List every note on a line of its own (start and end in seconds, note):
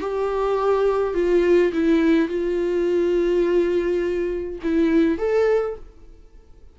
0.00 1.14 G4
1.14 1.72 F4
1.73 2.28 E4
2.28 4.59 F4
4.63 5.18 E4
5.18 5.75 A4